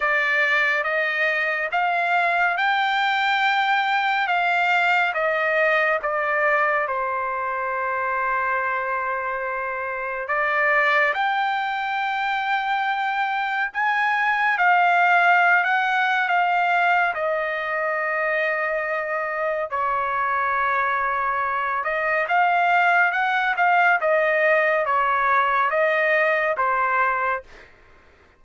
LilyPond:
\new Staff \with { instrumentName = "trumpet" } { \time 4/4 \tempo 4 = 70 d''4 dis''4 f''4 g''4~ | g''4 f''4 dis''4 d''4 | c''1 | d''4 g''2. |
gis''4 f''4~ f''16 fis''8. f''4 | dis''2. cis''4~ | cis''4. dis''8 f''4 fis''8 f''8 | dis''4 cis''4 dis''4 c''4 | }